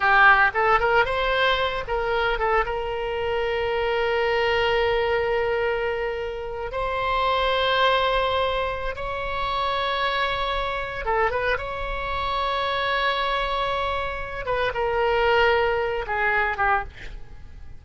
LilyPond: \new Staff \with { instrumentName = "oboe" } { \time 4/4 \tempo 4 = 114 g'4 a'8 ais'8 c''4. ais'8~ | ais'8 a'8 ais'2.~ | ais'1~ | ais'8. c''2.~ c''16~ |
c''4 cis''2.~ | cis''4 a'8 b'8 cis''2~ | cis''2.~ cis''8 b'8 | ais'2~ ais'8 gis'4 g'8 | }